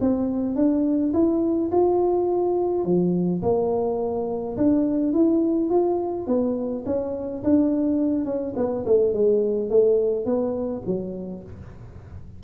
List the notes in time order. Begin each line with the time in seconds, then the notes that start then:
0.00 C4
0.55 D4
1.13 E4
1.71 F4
2.84 F3
3.42 A#3
4.56 D4
5.12 E4
5.70 F4
6.27 B3
6.85 C#4
7.43 D4
8.25 C#4
8.56 B3
8.85 A3
9.13 G#3
9.70 A3
10.25 B3
10.86 F#3